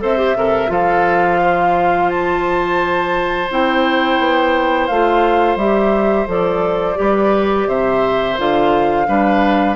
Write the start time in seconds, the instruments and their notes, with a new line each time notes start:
0.00 bassoon C4, clarinet A4, oboe C5, flute E5
0.17 clarinet G4
0.34 bassoon C3, clarinet A4, oboe A#4
0.67 bassoon F3, clarinet F4, oboe A4, flute F5
1.42 oboe C5
2.09 flute A5
3.50 bassoon C4, clarinet E4, flute G5
4.19 bassoon B3
4.87 bassoon A3, clarinet F4, flute F5
5.56 bassoon G3, clarinet G4, flute E5
6.26 bassoon F3, clarinet A4, flute D5
6.95 bassoon G3, clarinet G4, oboe B4
7.67 bassoon C3, oboe C5, flute E5
8.38 bassoon D3, clarinet F4, flute F5
9.06 bassoon G3, clarinet D4, oboe B4